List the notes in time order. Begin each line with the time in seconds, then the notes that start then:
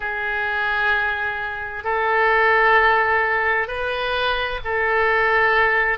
0.00 G#4
1.83 A4
3.67 B4
4.64 A4